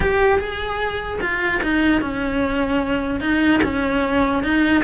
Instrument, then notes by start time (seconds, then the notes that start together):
cello
0.00 G4
0.38 G#4
1.21 F4
1.63 D#4
2.01 C#4
3.20 D#4
3.63 C#4
4.43 D#4